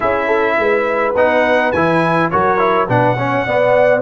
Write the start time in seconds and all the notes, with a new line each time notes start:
0.00 C#4 E4 G#4 E5
0.26 A4
0.58 G#3 B4
1.15 B3 D#4 F#5
1.72 E3 E4 G#5
2.30 F#3 F#4 A#4 C#5
2.58 E4
2.88 B2 D4 B4 F#5
3.16 C#4 C#5
3.46 B3 D5